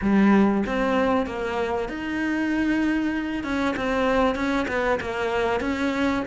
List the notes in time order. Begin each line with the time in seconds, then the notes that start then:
0.01 G3
0.66 C4
1.26 A#3
1.88 D#4
3.43 C#4
3.76 C4
4.35 C#4
4.68 B3
5.00 A#3
5.60 C#4